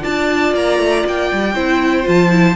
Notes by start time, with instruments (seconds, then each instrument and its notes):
0.00 cello D4, viola F4, violin D5 A5
0.53 cello A#3, violin A#5
0.78 cello A3
1.06 cello A#3, violin G5
1.32 cello G3
1.54 cello C4, viola E4, violin C5
2.03 cello F3, viola F4, violin A5
2.29 viola E4